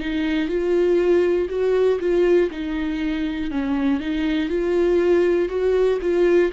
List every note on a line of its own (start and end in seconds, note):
0.00 0.48 D#4
0.48 1.48 F4
1.49 1.99 F#4
2.00 2.50 F4
2.50 3.50 D#4
3.50 4.00 C#4
4.00 4.49 D#4
4.49 5.49 F4
5.49 5.99 F#4
6.01 6.51 F4